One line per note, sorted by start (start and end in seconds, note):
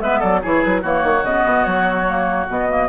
0.00 0.21 G#3
0.00 0.42 B3
0.00 0.19 B4
0.00 0.21 E5
0.19 0.43 F#3
0.19 0.40 A4
0.19 0.41 D5
0.42 0.65 E3
0.42 0.83 E4
0.42 0.81 G#4
0.42 0.62 C#5
0.62 0.83 F#3
0.62 0.83 B4
0.81 1.03 E3
0.81 1.24 A#3
0.81 2.87 F#4
0.81 1.24 C#5
1.03 1.23 D#3
1.23 1.44 C#3
1.23 2.07 B3
1.23 1.64 D#5
1.45 1.66 B2
1.64 2.48 F#3
1.64 2.46 C#5
2.07 2.48 A#3
2.48 2.89 B2
2.48 2.68 B3
2.48 2.89 D#5
2.68 2.89 A#3